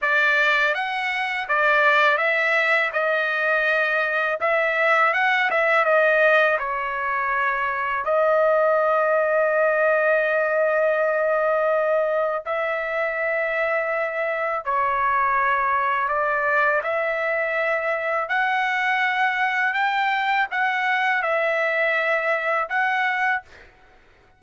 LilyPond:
\new Staff \with { instrumentName = "trumpet" } { \time 4/4 \tempo 4 = 82 d''4 fis''4 d''4 e''4 | dis''2 e''4 fis''8 e''8 | dis''4 cis''2 dis''4~ | dis''1~ |
dis''4 e''2. | cis''2 d''4 e''4~ | e''4 fis''2 g''4 | fis''4 e''2 fis''4 | }